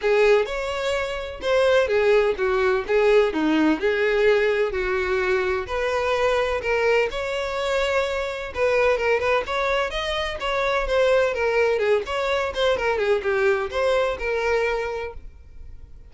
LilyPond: \new Staff \with { instrumentName = "violin" } { \time 4/4 \tempo 4 = 127 gis'4 cis''2 c''4 | gis'4 fis'4 gis'4 dis'4 | gis'2 fis'2 | b'2 ais'4 cis''4~ |
cis''2 b'4 ais'8 b'8 | cis''4 dis''4 cis''4 c''4 | ais'4 gis'8 cis''4 c''8 ais'8 gis'8 | g'4 c''4 ais'2 | }